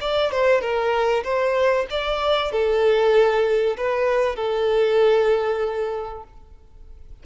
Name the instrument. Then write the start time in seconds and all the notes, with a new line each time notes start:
violin
0.00 D5
0.31 C5
0.61 A#4
1.23 C5
1.90 D5
2.51 A4
3.77 B4
4.36 A4